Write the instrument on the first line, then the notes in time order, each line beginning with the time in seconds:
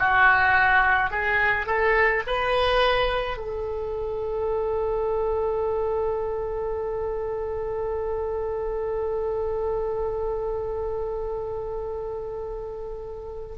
oboe
0.00 F#4
1.11 G#4
1.67 A4
2.27 B4
3.38 A4